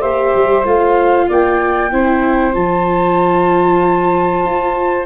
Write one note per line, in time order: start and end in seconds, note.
0.00 0.35 A#3
0.00 0.64 G4
0.00 1.26 C5
0.00 0.65 E5
0.36 0.65 G3
0.65 1.29 A3
0.65 1.91 F4
0.65 1.30 F5
1.28 1.92 A#3
1.28 1.91 D5
1.28 2.55 G5
1.92 2.56 C4
1.92 2.53 E4
1.92 5.06 C5
2.53 4.45 F3
2.53 5.06 F4
2.53 5.06 A5
4.45 5.06 F4